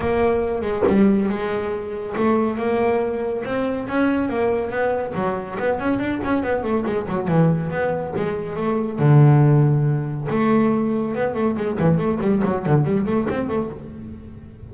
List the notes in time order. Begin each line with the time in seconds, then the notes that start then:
0.00 A#3
0.61 G#3
0.87 G3
1.29 G#3
2.16 A3
2.57 A#3
3.44 C4
3.88 C#4
4.29 A#3
4.70 B3
5.14 F#3
5.59 B3
5.79 C#4
5.99 D4
6.24 C#4
6.43 B3
6.63 A3
6.86 G#3
7.08 F#3
7.27 E3
7.70 B3
8.16 G#3
8.56 A3
8.99 D3
10.30 A3
11.14 B3
11.34 A3
11.57 G#3
11.79 E3
11.97 A3
12.20 G3
12.44 F#3
12.65 D3
12.84 G3
13.05 A3
13.30 C4
13.48 A3